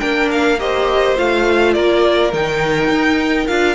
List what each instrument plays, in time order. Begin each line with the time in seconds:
0.00 cello A#3, viola D4, violin A#4 G5
0.32 violin F5
0.59 viola G4, violin C5 D#5
1.17 cello A3, viola F4, violin F5
1.74 cello A#3, violin A#4 D5
2.33 cello D#3, viola D#4, violin G5
2.89 cello D#4
3.48 cello D4, viola F4, violin F5